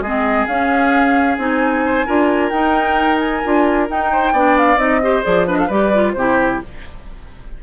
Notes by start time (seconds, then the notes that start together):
0.00 G#3 C4 G#4 D#5
0.46 C#4 F5
1.37 C4 D#4 G#5
1.85 C5
2.06 D4 F4 A#4
2.49 D#4 G5
3.18 G#5
3.44 D4 F4
3.88 D#4 G5
4.12 C5
4.32 B3 D4 D5
4.58 F5
4.76 C4 D#4 D#5
5.02 G4 C5
5.23 F3 G#4 D5
5.46 D4 B4 D#5
5.57 A4 F5
5.66 G3 G4 B4 D5
5.93 F4
6.12 C3 E4 G4 C5